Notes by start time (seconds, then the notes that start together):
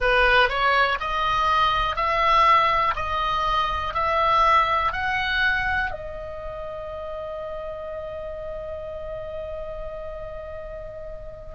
0.00 B4
0.49 C#5
1.00 D#5
1.95 E5
2.95 D#5
3.93 E5
4.92 F#5
5.91 D#5